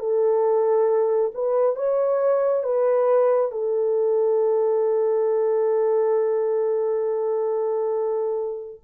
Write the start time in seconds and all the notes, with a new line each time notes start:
0.00 A4
1.34 B4
1.76 C#5
2.64 B4
3.51 A4